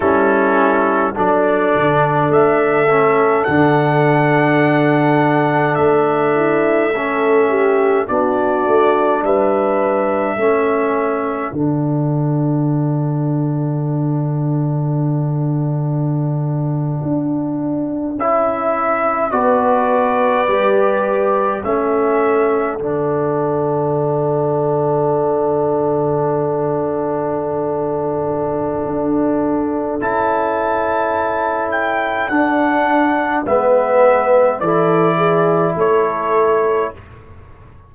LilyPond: <<
  \new Staff \with { instrumentName = "trumpet" } { \time 4/4 \tempo 4 = 52 a'4 d''4 e''4 fis''4~ | fis''4 e''2 d''4 | e''2 fis''2~ | fis''2.~ fis''8. e''16~ |
e''8. d''2 e''4 fis''16~ | fis''1~ | fis''2 a''4. g''8 | fis''4 e''4 d''4 cis''4 | }
  \new Staff \with { instrumentName = "horn" } { \time 4/4 e'4 a'2.~ | a'4. e'8 a'8 g'8 fis'4 | b'4 a'2.~ | a'1~ |
a'8. b'2 a'4~ a'16~ | a'1~ | a'1~ | a'4 b'4 a'8 gis'8 a'4 | }
  \new Staff \with { instrumentName = "trombone" } { \time 4/4 cis'4 d'4. cis'8 d'4~ | d'2 cis'4 d'4~ | d'4 cis'4 d'2~ | d'2.~ d'8. e'16~ |
e'8. fis'4 g'4 cis'4 d'16~ | d'1~ | d'2 e'2 | d'4 b4 e'2 | }
  \new Staff \with { instrumentName = "tuba" } { \time 4/4 g4 fis8 d8 a4 d4~ | d4 a2 b8 a8 | g4 a4 d2~ | d2~ d8. d'4 cis'16~ |
cis'8. b4 g4 a4 d16~ | d1~ | d4 d'4 cis'2 | d'4 gis4 e4 a4 | }
>>